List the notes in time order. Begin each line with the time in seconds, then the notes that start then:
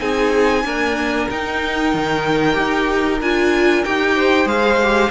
0.00 C4 D#4 G#4 G#5
0.64 A#3 D4 A#4
1.30 D#4 G5
1.94 D#3
2.54 D#4 G4
3.21 D4 F4 G#5
3.84 D#4 G4 G5
4.16 C5
4.45 G#3 G#4 F5
4.82 G4